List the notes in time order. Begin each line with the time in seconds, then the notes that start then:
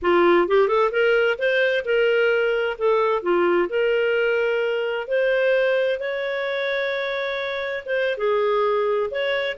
0.01 F4
0.47 G4
0.68 A4
0.91 A#4
1.38 C5
1.84 A#4
2.77 A4
3.22 F4
3.69 A#4
5.07 C5
5.99 C#5
7.85 C5
8.17 G#4
9.10 C#5